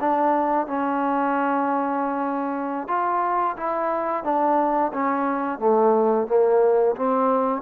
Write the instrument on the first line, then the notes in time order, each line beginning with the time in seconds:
trombone
0.00 D4
0.67 C#4
2.88 F4
3.57 E4
4.23 D4
4.93 C#4
5.59 A3
6.27 A#3
6.95 C4